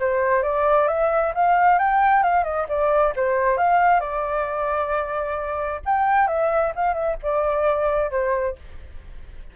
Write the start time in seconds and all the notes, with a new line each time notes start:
0.00 C5
0.43 D5
0.88 E5
1.35 F5
1.79 G5
2.23 F5
2.44 D#5
2.69 D5
3.16 C5
3.58 F5
4.00 D5
5.86 G5
6.28 E5
6.75 F5
6.94 E5
7.23 D5
8.11 C5